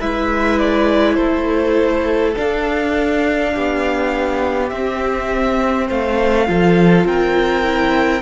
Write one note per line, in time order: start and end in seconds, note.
0.00 1.18 G#3
0.00 2.36 E4
0.00 1.16 B4
0.00 0.59 E5
0.59 1.14 D5
1.14 2.35 A3
1.14 3.52 A4
1.14 2.32 C5
2.36 4.71 D4
2.36 3.56 D4
2.36 4.70 F5
3.55 4.72 B3
3.55 5.87 G4
4.70 5.89 C4
4.70 6.47 C4
4.70 5.87 E5
5.87 6.49 A3
5.87 6.46 C5
5.87 7.07 F5
6.47 7.05 F3
6.47 7.63 F4
6.47 7.07 A4
7.05 8.23 C4
7.05 8.23 A#4
7.05 8.23 G5
7.63 8.22 E4